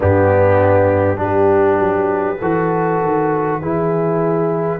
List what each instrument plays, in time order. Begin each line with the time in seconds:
0.00 tuba G2, trombone B3, horn D4, trumpet G4
1.16 tuba G3, trombone D4, horn G4, trumpet B4
1.78 tuba F#3
2.40 tuba E3, trombone F#4, horn A4
3.01 tuba D#3
3.60 tuba E3, trombone E4, horn G#4